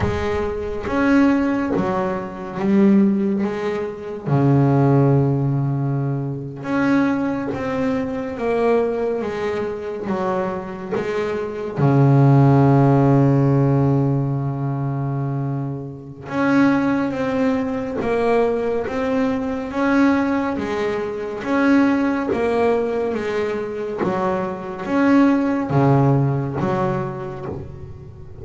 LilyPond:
\new Staff \with { instrumentName = "double bass" } { \time 4/4 \tempo 4 = 70 gis4 cis'4 fis4 g4 | gis4 cis2~ cis8. cis'16~ | cis'8. c'4 ais4 gis4 fis16~ | fis8. gis4 cis2~ cis16~ |
cis2. cis'4 | c'4 ais4 c'4 cis'4 | gis4 cis'4 ais4 gis4 | fis4 cis'4 cis4 fis4 | }